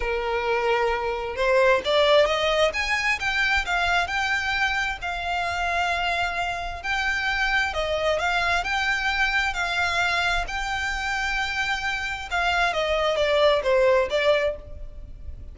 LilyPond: \new Staff \with { instrumentName = "violin" } { \time 4/4 \tempo 4 = 132 ais'2. c''4 | d''4 dis''4 gis''4 g''4 | f''4 g''2 f''4~ | f''2. g''4~ |
g''4 dis''4 f''4 g''4~ | g''4 f''2 g''4~ | g''2. f''4 | dis''4 d''4 c''4 d''4 | }